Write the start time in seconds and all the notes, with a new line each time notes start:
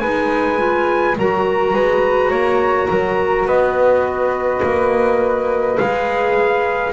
0.00 G#3 D#4 B4 G#5
0.57 F4
1.18 F#3 F#4 A#4 A#5
1.73 G#3 B4
2.30 A#3 C#5
2.90 F#3 A#4
3.45 B3 B4 D#5
4.63 A#3
5.77 G#3 G#4 F5